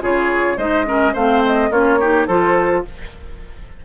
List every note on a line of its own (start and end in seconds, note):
0.00 0.57 C#3
0.00 0.57 F4
0.00 0.57 G#4
0.00 0.58 C#5
0.57 1.13 G#3
0.57 0.85 D#4
0.57 0.85 C5
0.57 1.14 D#5
0.85 1.14 C#4
0.85 1.13 A#4
1.13 1.70 A3
1.13 1.71 C4
1.13 1.69 C5
1.13 1.43 F5
1.46 1.72 D#5
1.70 2.27 A#3
1.70 2.00 C#4
1.70 1.98 F4
1.70 2.27 C#5
1.99 2.28 D#4
1.99 2.27 G4
2.27 2.85 F3
2.27 2.85 F4
2.27 2.83 A4
2.27 2.84 C5